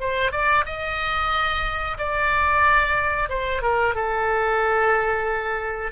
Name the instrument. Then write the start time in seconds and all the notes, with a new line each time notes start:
oboe
0.00 C5
0.32 D5
0.66 D#5
1.98 D5
3.29 C5
3.62 A#4
3.95 A4